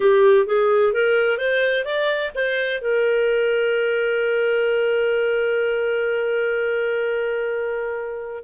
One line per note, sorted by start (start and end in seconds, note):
0.00 0.46 G4
0.46 0.93 G#4
0.93 1.37 A#4
1.37 1.84 C5
1.85 2.31 D5
2.35 2.81 C5
2.81 8.43 A#4